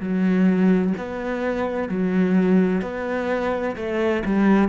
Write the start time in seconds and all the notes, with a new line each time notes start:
0.00 F#3
0.98 B3
1.89 F#3
2.82 B3
3.76 A3
4.25 G3